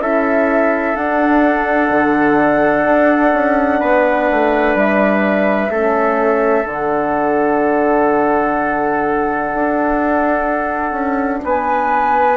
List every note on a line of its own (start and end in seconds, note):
0.00 0.95 C#4
0.00 0.95 E4
0.00 3.80 A4
0.00 0.96 E5
0.95 5.71 D4
0.95 1.90 D4
0.95 4.77 F#5
1.90 2.84 D3
2.84 3.32 D4
3.34 3.81 C#4
3.80 4.30 B3
3.80 5.71 B4
4.31 4.75 A3
4.75 5.70 G3
4.75 6.67 E5
5.70 6.65 A3
5.70 6.66 C#4
5.70 11.42 A4
6.66 9.52 D3
6.66 12.37 D4
6.66 11.43 F#5
9.55 10.92 D4
10.92 11.39 C#4
11.44 12.37 B3
11.44 12.37 B4
11.44 12.37 G#5